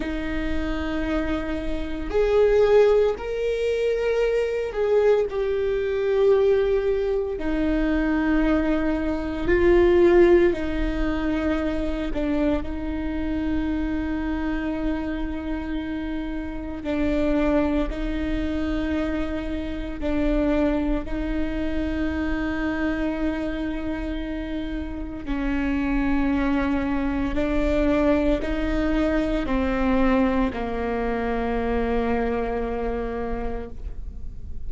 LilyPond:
\new Staff \with { instrumentName = "viola" } { \time 4/4 \tempo 4 = 57 dis'2 gis'4 ais'4~ | ais'8 gis'8 g'2 dis'4~ | dis'4 f'4 dis'4. d'8 | dis'1 |
d'4 dis'2 d'4 | dis'1 | cis'2 d'4 dis'4 | c'4 ais2. | }